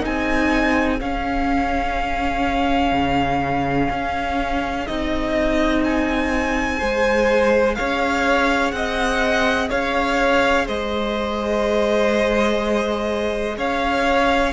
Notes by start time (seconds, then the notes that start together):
0.00 C4 D#4 G#4 G#5
1.00 C#4 F5
2.91 C#3
3.90 C#4
4.86 C4 D#4 D#5
5.84 G#5
6.78 G#3 G#4 C5
7.74 C#4 C#5 F5
8.71 C4 D#5 F#5
9.69 C#4 C#5 F5
10.66 G#3 C5 D#5
13.57 C#4 C#5 F5